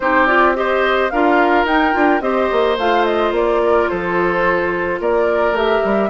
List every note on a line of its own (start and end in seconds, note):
0.00 1.11 C4
0.00 0.27 D#4
0.00 0.56 G4
0.00 0.26 C5
0.26 0.55 F4
0.26 0.54 D5
0.55 1.10 G4
0.55 1.12 C5
0.55 1.10 D#5
1.10 1.64 D4
1.10 1.67 F4
1.10 2.22 A#4
1.10 1.65 F5
1.64 1.92 D#4
1.64 2.21 G5
1.92 2.20 D4
1.92 2.20 F4
2.20 2.48 C4
2.20 2.76 G4
2.20 3.61 C5
2.20 2.76 D#5
2.51 2.77 A#3
2.77 3.31 A3
2.77 5.55 F4
2.77 3.05 F5
3.05 3.32 D#5
3.31 3.87 A#3
3.31 3.88 D5
3.63 3.90 A#4
3.88 5.00 F3
3.88 5.00 A4
3.88 5.00 C5
5.00 5.52 A#3
5.00 6.09 A#4
5.00 5.57 D5
5.52 5.79 A3
5.52 6.09 G4
5.52 6.09 E5
5.84 6.09 G3